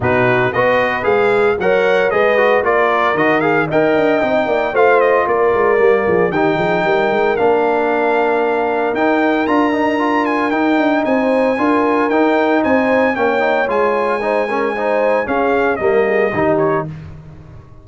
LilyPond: <<
  \new Staff \with { instrumentName = "trumpet" } { \time 4/4 \tempo 4 = 114 b'4 dis''4 f''4 fis''4 | dis''4 d''4 dis''8 f''8 g''4~ | g''4 f''8 dis''8 d''2 | g''2 f''2~ |
f''4 g''4 ais''4. gis''8 | g''4 gis''2 g''4 | gis''4 g''4 gis''2~ | gis''4 f''4 dis''4. cis''8 | }
  \new Staff \with { instrumentName = "horn" } { \time 4/4 fis'4 b'2 cis''4 | b'4 ais'2 dis''4~ | dis''8 d''8 c''4 ais'4. gis'8 | g'8 gis'8 ais'2.~ |
ais'1~ | ais'4 c''4 ais'2 | c''4 cis''2 c''8 ais'8 | c''4 gis'4 ais'8 gis'8 g'4 | }
  \new Staff \with { instrumentName = "trombone" } { \time 4/4 dis'4 fis'4 gis'4 ais'4 | gis'8 fis'8 f'4 fis'8 gis'8 ais'4 | dis'4 f'2 ais4 | dis'2 d'2~ |
d'4 dis'4 f'8 dis'8 f'4 | dis'2 f'4 dis'4~ | dis'4 cis'8 dis'8 f'4 dis'8 cis'8 | dis'4 cis'4 ais4 dis'4 | }
  \new Staff \with { instrumentName = "tuba" } { \time 4/4 b,4 b4 gis4 fis4 | gis4 ais4 dis4 dis'8 d'8 | c'8 ais8 a4 ais8 gis8 g8 f8 | dis8 f8 g8 gis8 ais2~ |
ais4 dis'4 d'2 | dis'8 d'8 c'4 d'4 dis'4 | c'4 ais4 gis2~ | gis4 cis'4 g4 dis4 | }
>>